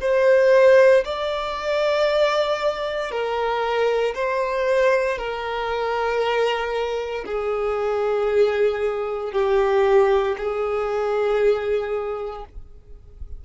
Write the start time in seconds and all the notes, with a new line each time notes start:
0.00 C5
1.04 D5
3.11 A#4
4.14 C5
5.18 A#4
7.25 G#4
9.32 G4
10.37 G#4